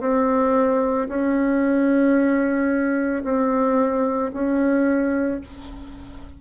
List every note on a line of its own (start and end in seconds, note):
0.00 1.07 C4
1.09 3.23 C#4
3.23 4.31 C4
4.33 5.40 C#4